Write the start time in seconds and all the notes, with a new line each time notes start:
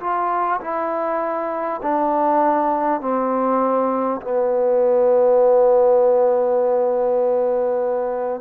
0.00 F4
0.61 E4
1.83 D4
3.01 C4
4.22 B3